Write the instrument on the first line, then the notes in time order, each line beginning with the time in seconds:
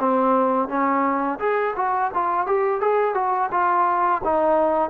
trombone
0.00 C4
0.69 C#4
1.40 G#4
1.76 F#4
2.14 F4
2.47 G4
2.81 G#4
3.15 F#4
3.52 F4
4.24 D#4